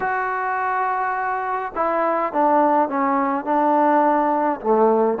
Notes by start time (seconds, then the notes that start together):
0.00 F#4
1.75 E4
2.32 D4
2.88 C#4
3.45 D4
4.60 A3